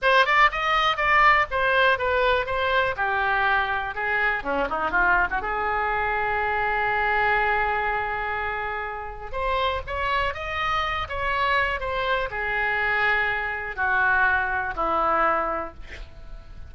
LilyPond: \new Staff \with { instrumentName = "oboe" } { \time 4/4 \tempo 4 = 122 c''8 d''8 dis''4 d''4 c''4 | b'4 c''4 g'2 | gis'4 cis'8 dis'8 f'8. fis'16 gis'4~ | gis'1~ |
gis'2. c''4 | cis''4 dis''4. cis''4. | c''4 gis'2. | fis'2 e'2 | }